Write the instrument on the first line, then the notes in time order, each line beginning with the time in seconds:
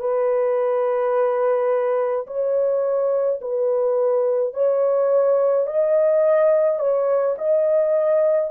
horn
0.00 B4
2.26 C#5
3.41 B4
4.54 C#5
5.67 D#5
6.79 C#5
7.38 D#5